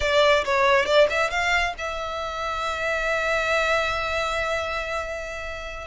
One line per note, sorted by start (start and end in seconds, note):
0.00 0.44 D5
0.44 0.85 C#5
0.85 1.07 D5
1.09 1.30 E5
1.30 1.74 F5
1.77 5.87 E5